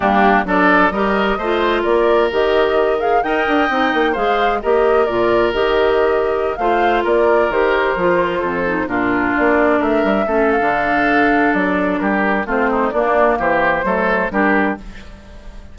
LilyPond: <<
  \new Staff \with { instrumentName = "flute" } { \time 4/4 \tempo 4 = 130 g'4 d''4 dis''2 | d''4 dis''4. f''8 g''4~ | g''4 f''4 dis''4 d''4 | dis''2~ dis''16 f''4 d''8.~ |
d''16 c''2. ais'8.~ | ais'16 d''4 e''4. f''4~ f''16~ | f''4 d''4 ais'4 c''4 | d''4 c''2 ais'4 | }
  \new Staff \with { instrumentName = "oboe" } { \time 4/4 d'4 a'4 ais'4 c''4 | ais'2. dis''4~ | dis''4 c''4 ais'2~ | ais'2~ ais'16 c''4 ais'8.~ |
ais'2~ ais'16 a'4 f'8.~ | f'4~ f'16 ais'4 a'4.~ a'16~ | a'2 g'4 f'8 dis'8 | d'4 g'4 a'4 g'4 | }
  \new Staff \with { instrumentName = "clarinet" } { \time 4/4 ais4 d'4 g'4 f'4~ | f'4 g'4. gis'8 ais'4 | dis'4 gis'4 g'4 f'4 | g'2~ g'16 f'4.~ f'16~ |
f'16 g'4 f'4. dis'8 d'8.~ | d'2~ d'16 cis'8. d'4~ | d'2. c'4 | ais2 a4 d'4 | }
  \new Staff \with { instrumentName = "bassoon" } { \time 4/4 g4 fis4 g4 a4 | ais4 dis2 dis'8 d'8 | c'8 ais8 gis4 ais4 ais,4 | dis2~ dis16 a4 ais8.~ |
ais16 dis4 f4 f,4 ais,8.~ | ais,16 ais4 a8 g8 a8. d4~ | d4 fis4 g4 a4 | ais4 e4 fis4 g4 | }
>>